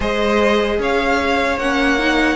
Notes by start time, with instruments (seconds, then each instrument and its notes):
0.00 cello G#3, viola G#4, violin C5 D#5
0.78 cello C#4, violin C#5 F5
1.57 cello A#3, viola C#4, violin F#5
1.98 viola D#4